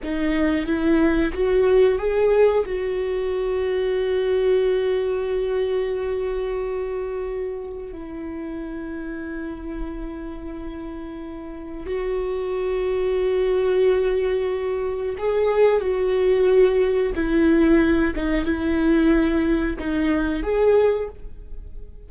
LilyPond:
\new Staff \with { instrumentName = "viola" } { \time 4/4 \tempo 4 = 91 dis'4 e'4 fis'4 gis'4 | fis'1~ | fis'1 | e'1~ |
e'2 fis'2~ | fis'2. gis'4 | fis'2 e'4. dis'8 | e'2 dis'4 gis'4 | }